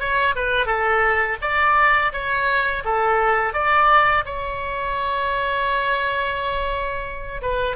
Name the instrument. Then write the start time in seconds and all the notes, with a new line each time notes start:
oboe
0.00 C#5
0.36 B4
0.67 A4
1.42 D5
2.13 C#5
2.85 A4
3.54 D5
4.26 C#5
7.42 B4